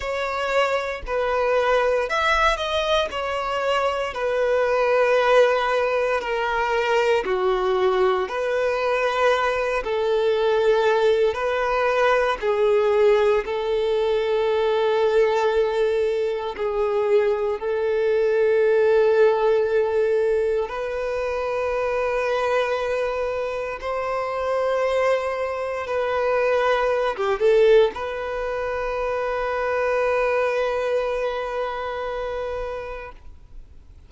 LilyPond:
\new Staff \with { instrumentName = "violin" } { \time 4/4 \tempo 4 = 58 cis''4 b'4 e''8 dis''8 cis''4 | b'2 ais'4 fis'4 | b'4. a'4. b'4 | gis'4 a'2. |
gis'4 a'2. | b'2. c''4~ | c''4 b'4~ b'16 g'16 a'8 b'4~ | b'1 | }